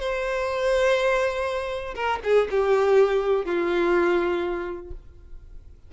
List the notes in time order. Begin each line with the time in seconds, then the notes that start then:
0.00 C5
1.95 A#4
2.24 G#4
2.51 G4
3.45 F4